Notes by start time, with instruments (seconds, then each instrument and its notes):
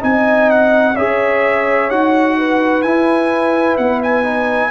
0.00 tuba C4, trombone D#4, horn D#5, trumpet G#5
0.50 trumpet F#5
0.95 tuba C#4, trombone G#4, horn C#5, trumpet E5
1.90 tuba D#4, trombone F#4, trumpet F#5
2.38 horn B4
2.82 tuba E4, trombone E4, trumpet G#5
3.77 tuba B3, trumpet F#5
4.03 trumpet G#5
4.23 trombone D#4